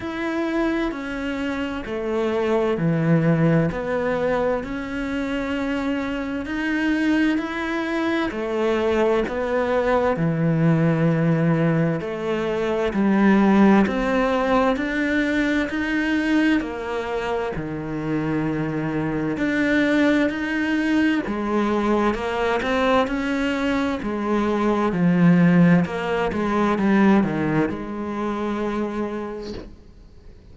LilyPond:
\new Staff \with { instrumentName = "cello" } { \time 4/4 \tempo 4 = 65 e'4 cis'4 a4 e4 | b4 cis'2 dis'4 | e'4 a4 b4 e4~ | e4 a4 g4 c'4 |
d'4 dis'4 ais4 dis4~ | dis4 d'4 dis'4 gis4 | ais8 c'8 cis'4 gis4 f4 | ais8 gis8 g8 dis8 gis2 | }